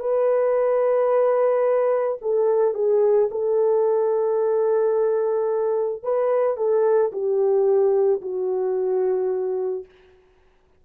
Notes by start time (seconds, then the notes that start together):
0.00 B4
2.22 A4
2.75 G#4
3.32 A4
6.03 B4
6.58 A4
7.13 G4
8.22 F#4